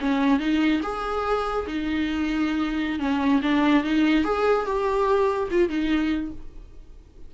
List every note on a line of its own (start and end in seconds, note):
0.00 0.39 C#4
0.39 0.81 D#4
0.83 1.66 G#4
1.67 2.99 D#4
2.99 3.41 C#4
3.42 3.84 D4
3.84 4.24 D#4
4.24 4.66 G#4
4.66 5.49 G4
5.51 5.69 F4
5.69 6.31 D#4